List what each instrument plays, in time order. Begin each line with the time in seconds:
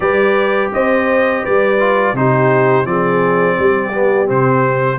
0.00 tuba G3, trombone G4, horn B4, trumpet D5
0.72 tuba C4, horn C5, trumpet D#5
1.43 tuba G3, horn B4, trumpet D5
1.79 trombone F4
2.13 tuba C3, trombone D#4, horn G4, trumpet C5
2.85 tuba F3, trombone C4, horn G#4, trumpet D5
3.56 tuba G3, horn G4
3.92 trombone B3
4.26 tuba C3, trombone C4, trumpet C5